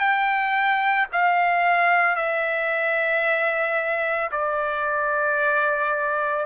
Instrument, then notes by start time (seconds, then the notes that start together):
trumpet
0.00 G5
1.12 F5
2.16 E5
4.32 D5